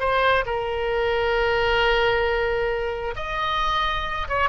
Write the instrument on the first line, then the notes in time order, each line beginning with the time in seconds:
oboe
0.00 C5
0.46 A#4
3.16 D#5
4.28 C#5